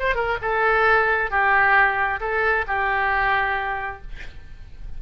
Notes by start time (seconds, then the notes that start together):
0.00 C5
0.15 A#4
0.43 A4
1.31 G4
2.21 A4
2.68 G4